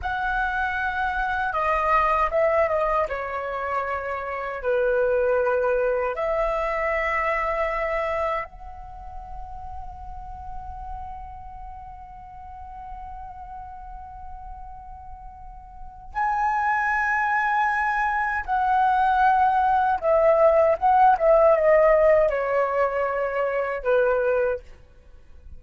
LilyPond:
\new Staff \with { instrumentName = "flute" } { \time 4/4 \tempo 4 = 78 fis''2 dis''4 e''8 dis''8 | cis''2 b'2 | e''2. fis''4~ | fis''1~ |
fis''1~ | fis''4 gis''2. | fis''2 e''4 fis''8 e''8 | dis''4 cis''2 b'4 | }